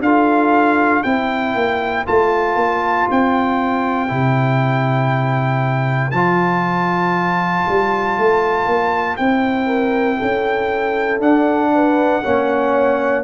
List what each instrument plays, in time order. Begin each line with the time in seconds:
0.00 tuba D4, trombone F4, horn A4, trumpet F5
1.03 tuba C4, trombone E4, horn C5, trumpet G5
1.55 tuba A#3
2.06 tuba A3, trombone F4, trumpet A5
2.56 tuba A#3
3.11 tuba C4, trumpet G5
4.08 tuba C3, trombone E4
6.11 tuba F3, trombone F4, trumpet A5
7.68 tuba G3
8.18 tuba A3
8.67 tuba A#3
9.17 tuba C4, trombone E4, trumpet G5
9.66 horn A#4
10.18 tuba C#4, horn A4
11.19 tuba D4, trombone D4, trumpet F#5
11.75 horn B4
12.23 tuba A#3, trombone C#4, horn C#5